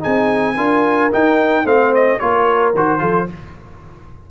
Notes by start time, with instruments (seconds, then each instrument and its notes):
0.00 tuba C4, trombone D#4, horn G#4, trumpet G#5
0.57 tuba D4, trombone F4, horn A#4
1.11 trombone D#4, tuba D#4, trumpet G5
1.65 tuba A3, trombone C4, horn C5, trumpet F5
1.94 trumpet D#5
2.19 tuba A#3, trombone F4, horn A#4, trumpet C#5
2.74 tuba D#3, trombone F#4, trumpet C5
2.99 tuba F3, trombone F4, horn A4